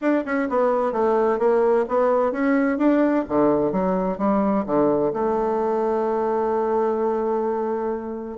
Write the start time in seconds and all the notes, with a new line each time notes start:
0.01 D4
0.25 C#4
0.49 B3
0.92 A3
1.38 A#3
1.88 B3
2.32 C#4
2.77 D4
3.28 D3
3.72 F#3
4.18 G3
4.66 D3
5.13 A3